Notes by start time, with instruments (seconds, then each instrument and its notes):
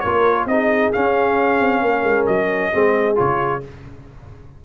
0.00 tuba A#3, trombone F4, horn A#4, trumpet C#5
0.45 tuba C4, trombone D#4, horn G#4, trumpet D#5
0.92 trombone C#4, tuba C#4, trumpet F5
1.59 tuba C4
1.81 tuba A#3, horn A#4
2.03 tuba G#3
2.26 tuba F#3, trumpet D#5
2.72 tuba G#3, trombone C4, horn G#4
3.15 tuba C#3, trombone F4, trumpet C#5